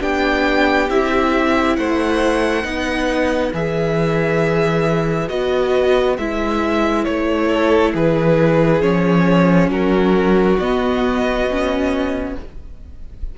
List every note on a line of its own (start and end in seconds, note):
0.00 0.89 B3
0.00 0.88 D4
0.00 1.77 G4
0.00 0.89 G5
0.89 1.78 C4
0.89 2.63 E4
0.89 1.76 E5
1.76 2.64 A3
1.76 2.64 C5
1.76 3.53 F#5
2.63 3.52 B3
2.63 3.51 D#4
2.63 7.49 B4
3.53 5.29 E3
3.53 5.28 G#4
3.53 5.28 E5
5.28 6.18 B3
5.28 6.16 F#4
5.28 6.16 D#5
6.17 7.06 G#3
6.17 8.81 E4
6.17 7.04 E5
7.04 7.94 A3
7.04 7.92 C#5
7.49 7.93 A4
7.94 8.82 E3
7.94 9.70 G#4
7.94 8.82 B4
8.81 9.69 F3
8.81 10.57 C#4
8.81 9.70 C#5
9.69 10.57 F#3
9.69 12.35 F#4
9.69 10.59 A#4
10.59 12.35 B3
10.59 11.49 B3
10.59 12.35 D#5
11.50 12.38 C#4